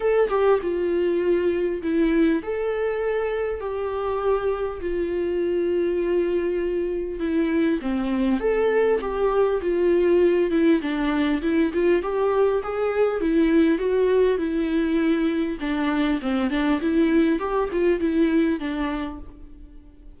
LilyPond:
\new Staff \with { instrumentName = "viola" } { \time 4/4 \tempo 4 = 100 a'8 g'8 f'2 e'4 | a'2 g'2 | f'1 | e'4 c'4 a'4 g'4 |
f'4. e'8 d'4 e'8 f'8 | g'4 gis'4 e'4 fis'4 | e'2 d'4 c'8 d'8 | e'4 g'8 f'8 e'4 d'4 | }